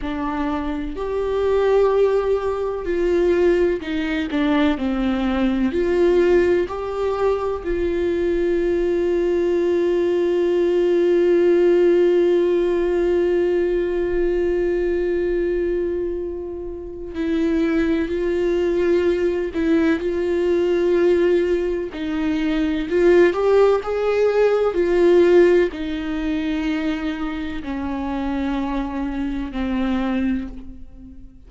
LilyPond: \new Staff \with { instrumentName = "viola" } { \time 4/4 \tempo 4 = 63 d'4 g'2 f'4 | dis'8 d'8 c'4 f'4 g'4 | f'1~ | f'1~ |
f'2 e'4 f'4~ | f'8 e'8 f'2 dis'4 | f'8 g'8 gis'4 f'4 dis'4~ | dis'4 cis'2 c'4 | }